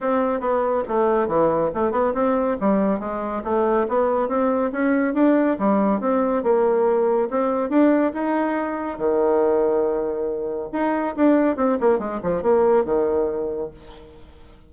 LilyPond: \new Staff \with { instrumentName = "bassoon" } { \time 4/4 \tempo 4 = 140 c'4 b4 a4 e4 | a8 b8 c'4 g4 gis4 | a4 b4 c'4 cis'4 | d'4 g4 c'4 ais4~ |
ais4 c'4 d'4 dis'4~ | dis'4 dis2.~ | dis4 dis'4 d'4 c'8 ais8 | gis8 f8 ais4 dis2 | }